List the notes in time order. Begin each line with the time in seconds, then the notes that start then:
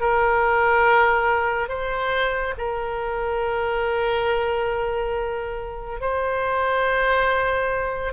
0.00 A#4
1.68 C5
2.58 A#4
6.00 C5